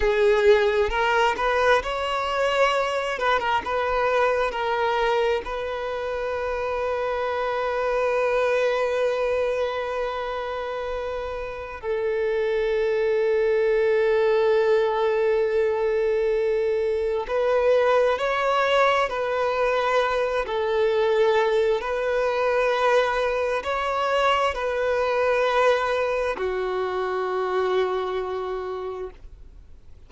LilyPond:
\new Staff \with { instrumentName = "violin" } { \time 4/4 \tempo 4 = 66 gis'4 ais'8 b'8 cis''4. b'16 ais'16 | b'4 ais'4 b'2~ | b'1~ | b'4 a'2.~ |
a'2. b'4 | cis''4 b'4. a'4. | b'2 cis''4 b'4~ | b'4 fis'2. | }